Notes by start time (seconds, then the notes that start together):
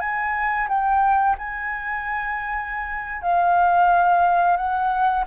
0.00 G#5
0.68 G5
1.38 G#5
3.22 F5
4.57 F#5